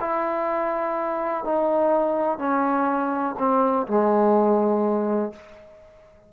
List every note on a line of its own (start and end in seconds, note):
0.00 1.44 E4
1.44 2.38 D#4
2.38 3.35 C#4
3.38 3.87 C4
3.87 5.32 G#3